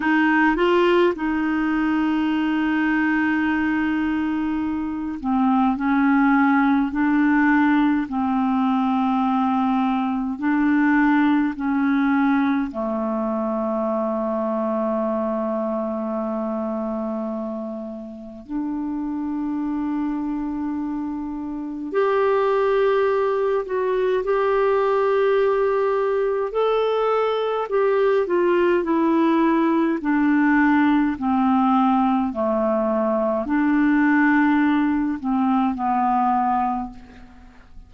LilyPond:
\new Staff \with { instrumentName = "clarinet" } { \time 4/4 \tempo 4 = 52 dis'8 f'8 dis'2.~ | dis'8 c'8 cis'4 d'4 c'4~ | c'4 d'4 cis'4 a4~ | a1 |
d'2. g'4~ | g'8 fis'8 g'2 a'4 | g'8 f'8 e'4 d'4 c'4 | a4 d'4. c'8 b4 | }